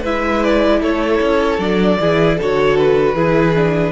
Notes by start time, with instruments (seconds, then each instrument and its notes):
0.00 cello G#3, viola E4, violin B4 E5
0.43 violin D5
0.81 cello A3, violin A4 C#5
1.21 cello C#4
1.58 cello F#3, viola D4, violin D5
2.00 cello E3, viola E4, violin G#4
2.37 cello D3, viola F#4, violin A4 C#5
2.77 violin B4
3.14 cello E3, viola E4, violin G#4
3.55 viola D4